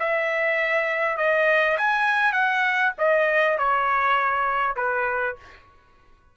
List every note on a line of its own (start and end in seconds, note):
0.00 1.18 E5
1.18 1.78 D#5
1.78 2.33 G#5
2.33 2.93 F#5
2.98 3.58 D#5
3.58 4.76 C#5
4.76 5.36 B4